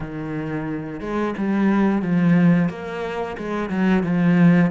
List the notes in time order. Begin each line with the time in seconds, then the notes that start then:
0.00 D#3
1.00 G#3
1.37 G3
2.02 F3
2.69 A#3
3.37 G#3
3.69 F#3
4.03 F3